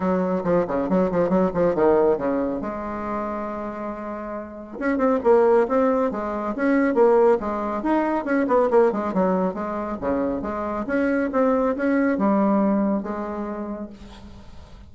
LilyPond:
\new Staff \with { instrumentName = "bassoon" } { \time 4/4 \tempo 4 = 138 fis4 f8 cis8 fis8 f8 fis8 f8 | dis4 cis4 gis2~ | gis2. cis'8 c'8 | ais4 c'4 gis4 cis'4 |
ais4 gis4 dis'4 cis'8 b8 | ais8 gis8 fis4 gis4 cis4 | gis4 cis'4 c'4 cis'4 | g2 gis2 | }